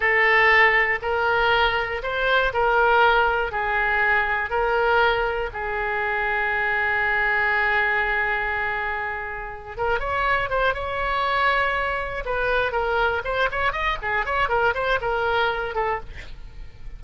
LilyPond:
\new Staff \with { instrumentName = "oboe" } { \time 4/4 \tempo 4 = 120 a'2 ais'2 | c''4 ais'2 gis'4~ | gis'4 ais'2 gis'4~ | gis'1~ |
gis'2.~ gis'8 ais'8 | cis''4 c''8 cis''2~ cis''8~ | cis''8 b'4 ais'4 c''8 cis''8 dis''8 | gis'8 cis''8 ais'8 c''8 ais'4. a'8 | }